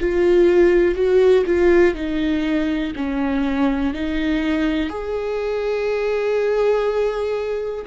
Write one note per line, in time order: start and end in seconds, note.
0.00 0.95 F4
0.95 1.44 F#4
1.47 1.95 F4
1.95 2.93 D#4
2.96 3.94 C#4
3.94 4.90 D#4
4.90 7.85 G#4